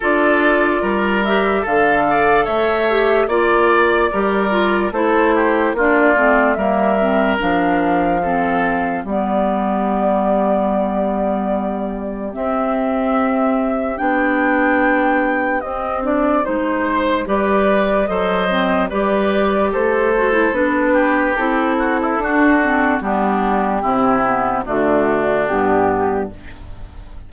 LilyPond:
<<
  \new Staff \with { instrumentName = "flute" } { \time 4/4 \tempo 4 = 73 d''4. e''8 f''4 e''4 | d''2 c''4 d''4 | e''4 f''2 d''4~ | d''2. e''4~ |
e''4 g''2 dis''8 d''8 | c''4 d''4 dis''4 d''4 | c''4 b'4 a'2 | g'2 fis'4 g'4 | }
  \new Staff \with { instrumentName = "oboe" } { \time 4/4 a'4 ais'4 a'8 d''8 cis''4 | d''4 ais'4 a'8 g'8 f'4 | ais'2 a'4 g'4~ | g'1~ |
g'1~ | g'8 c''8 b'4 c''4 b'4 | a'4. g'4 fis'16 e'16 fis'4 | d'4 e'4 d'2 | }
  \new Staff \with { instrumentName = "clarinet" } { \time 4/4 f'4. g'8 a'4. g'8 | f'4 g'8 f'8 e'4 d'8 c'8 | ais8 c'8 d'4 c'4 b4~ | b2. c'4~ |
c'4 d'2 c'8 d'8 | dis'4 g'4 a'8 c'8 g'4~ | g'8 fis'16 e'16 d'4 e'4 d'8 c'8 | b4 c'8 b8 a4 b4 | }
  \new Staff \with { instrumentName = "bassoon" } { \time 4/4 d'4 g4 d4 a4 | ais4 g4 a4 ais8 a8 | g4 f2 g4~ | g2. c'4~ |
c'4 b2 c'4 | gis4 g4 fis4 g4 | a4 b4 c'4 d'4 | g4 c4 d4 g,4 | }
>>